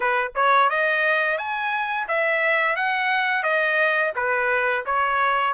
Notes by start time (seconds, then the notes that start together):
0.00 B4
0.35 C#5
0.69 D#5
1.38 G#5
2.08 E5
2.76 F#5
3.43 D#5
4.15 B4
4.85 C#5